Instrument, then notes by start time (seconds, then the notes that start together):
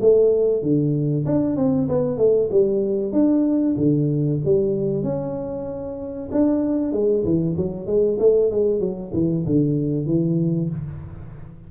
tuba
0.00 A3
0.62 D3
1.25 D4
1.56 C4
1.88 B3
2.17 A3
2.50 G3
3.12 D4
3.77 D3
4.44 G3
5.03 C#4
6.31 D4
6.92 G#3
7.24 E3
7.56 F#3
7.86 G#3
8.19 A3
8.50 G#3
8.80 F#3
9.13 E3
9.46 D3
10.06 E3